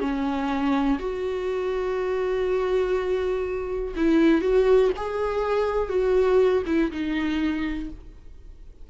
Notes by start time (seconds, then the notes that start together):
0.00 C#4
0.99 F#4
3.96 E4
4.41 F#4
4.96 G#4
5.89 F#4
6.66 E4
6.91 D#4